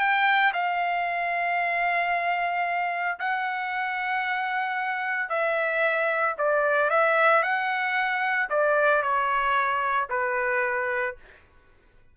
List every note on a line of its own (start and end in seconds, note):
0.00 0.53 G5
0.54 3.19 F5
3.20 5.30 F#5
5.30 6.36 E5
6.38 6.91 D5
6.91 7.43 E5
7.43 8.50 F#5
8.50 9.03 D5
9.03 10.09 C#5
10.10 11.16 B4